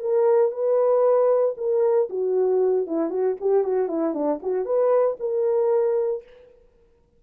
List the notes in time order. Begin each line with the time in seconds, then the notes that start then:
0.00 A#4
0.51 B4
1.57 A#4
2.09 F#4
2.87 E4
3.10 F#4
3.40 G4
3.64 F#4
3.88 E4
4.14 D4
4.43 F#4
4.65 B4
5.20 A#4